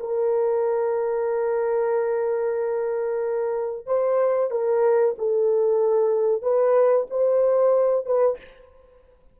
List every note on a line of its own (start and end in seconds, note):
0.00 3.87 A#4
3.87 4.51 C5
4.51 5.15 A#4
5.18 6.43 A4
6.43 7.07 B4
7.10 8.06 C5
8.06 8.38 B4